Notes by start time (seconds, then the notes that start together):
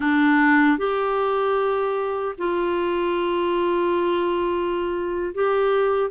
0.00 D4
0.78 G4
2.38 F4
5.34 G4